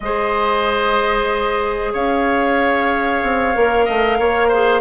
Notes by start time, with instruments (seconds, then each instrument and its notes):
0.00 bassoon G#3, clarinet G#4, oboe C5, flute D#5
1.92 bassoon C#4, oboe C#5, flute F5
3.23 bassoon C4
3.54 bassoon A#3, clarinet A#4
3.85 bassoon A3, oboe D#5
4.19 bassoon A#3, oboe C#5
4.48 clarinet G#4, oboe C5